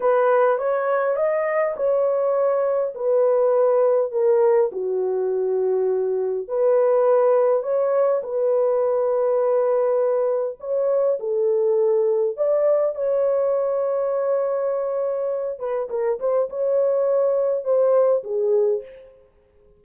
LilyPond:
\new Staff \with { instrumentName = "horn" } { \time 4/4 \tempo 4 = 102 b'4 cis''4 dis''4 cis''4~ | cis''4 b'2 ais'4 | fis'2. b'4~ | b'4 cis''4 b'2~ |
b'2 cis''4 a'4~ | a'4 d''4 cis''2~ | cis''2~ cis''8 b'8 ais'8 c''8 | cis''2 c''4 gis'4 | }